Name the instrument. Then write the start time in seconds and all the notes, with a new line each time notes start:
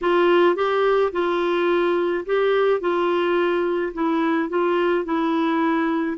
clarinet
0.01 F4
0.55 G4
1.12 F4
2.25 G4
2.80 F4
3.93 E4
4.49 F4
5.05 E4